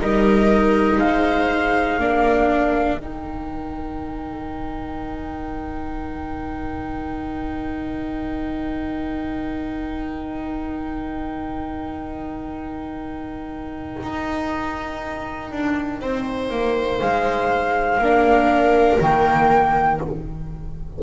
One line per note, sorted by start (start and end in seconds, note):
0.00 0.98 G3
0.00 2.00 D#4
0.00 1.01 A#4
0.00 0.98 D#5
0.98 1.98 G#3
0.98 1.99 C5
0.98 2.98 F5
1.98 2.96 A#3
1.98 3.00 D4
1.98 15.99 A#4
2.96 13.96 D#3
2.96 18.00 D#4
2.96 16.98 G5
14.02 15.51 D#4
15.51 16.00 D4
16.00 16.50 C4
16.00 18.01 C5
16.50 17.00 A#3
17.00 17.98 G#3
17.00 19.00 F5
17.98 18.98 A#3
17.98 19.00 D4
17.98 20.02 A#4
19.00 20.00 D#3
19.00 20.00 A#3
19.00 20.01 G5